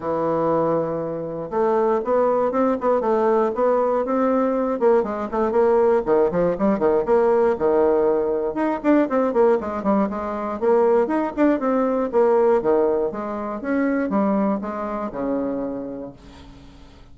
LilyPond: \new Staff \with { instrumentName = "bassoon" } { \time 4/4 \tempo 4 = 119 e2. a4 | b4 c'8 b8 a4 b4 | c'4. ais8 gis8 a8 ais4 | dis8 f8 g8 dis8 ais4 dis4~ |
dis4 dis'8 d'8 c'8 ais8 gis8 g8 | gis4 ais4 dis'8 d'8 c'4 | ais4 dis4 gis4 cis'4 | g4 gis4 cis2 | }